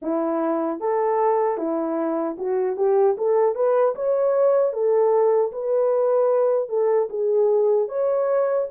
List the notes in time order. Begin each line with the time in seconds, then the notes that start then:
0.01 E4
0.79 A4
1.57 E4
2.38 F#4
2.76 G4
3.17 A4
3.55 B4
3.95 C#5
4.72 A4
5.52 B4
6.69 A4
7.09 G#4
7.88 C#5